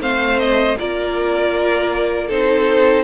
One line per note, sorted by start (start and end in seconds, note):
0.00 0.76 A3
0.00 0.76 C4
0.00 0.78 C5
0.00 0.40 F5
0.40 0.78 D#5
0.79 2.31 A#3
0.79 2.30 F4
0.79 2.28 A#4
0.79 2.31 D5
2.28 3.04 C4
2.28 3.04 D#4
2.28 3.04 A4
2.28 3.04 C5